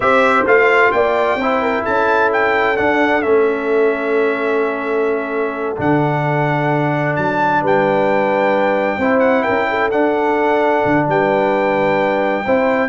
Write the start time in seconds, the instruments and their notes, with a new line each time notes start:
0.00 tuba C4, trombone G4, horn C5, trumpet E5
0.45 tuba A3, trombone F4, trumpet F5
0.91 tuba A#3, horn D5, trumpet G5
1.35 tuba C4, horn C5
1.41 trombone E4
1.62 horn A#4
1.83 tuba C#4, horn A4, trumpet A5
2.33 trumpet G5
2.76 trombone D4, tuba D4, trumpet F#5
3.22 tuba A3, trombone C#4, trumpet E5
5.76 tuba D3, trombone D4, trumpet F#5
7.16 tuba F#3, trumpet A5
7.61 tuba G3, horn B4, trumpet G5
8.98 tuba C4, trombone E4, horn C5
9.19 trumpet F#5
9.42 tuba C#4, horn A#4, trumpet G5
9.69 horn A4
9.90 tuba D4, trombone D4, trumpet F#5
10.85 tuba D3
11.07 tuba G3, horn B4, trumpet G5
12.44 tuba C4, trombone E4, horn C5